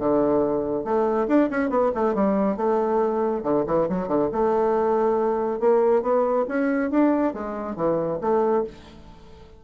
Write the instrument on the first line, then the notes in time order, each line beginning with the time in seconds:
bassoon
0.00 D3
0.84 A3
1.28 D4
1.51 C#4
1.70 B3
1.95 A3
2.15 G3
2.57 A3
3.44 D3
3.67 E3
3.89 F#3
4.08 D3
4.33 A3
5.60 A#3
6.03 B3
6.48 C#4
6.91 D4
7.34 G#3
7.76 E3
8.22 A3